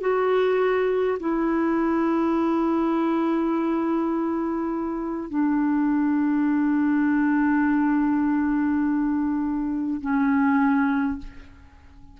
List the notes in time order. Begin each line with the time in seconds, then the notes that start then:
0.00 F#4
1.19 E4
5.29 D4
10.01 C#4